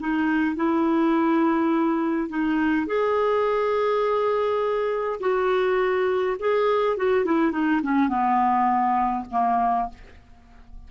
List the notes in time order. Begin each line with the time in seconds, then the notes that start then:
0.00 D#4
0.56 E4
2.29 D#4
2.87 G#4
5.21 F#4
6.40 G#4
6.97 F#4
7.25 E4
7.52 D#4
7.83 C#4
8.09 B3
9.31 A#3